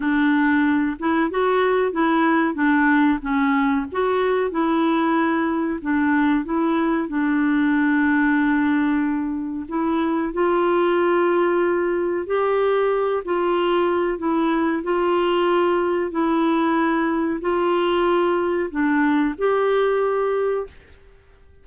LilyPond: \new Staff \with { instrumentName = "clarinet" } { \time 4/4 \tempo 4 = 93 d'4. e'8 fis'4 e'4 | d'4 cis'4 fis'4 e'4~ | e'4 d'4 e'4 d'4~ | d'2. e'4 |
f'2. g'4~ | g'8 f'4. e'4 f'4~ | f'4 e'2 f'4~ | f'4 d'4 g'2 | }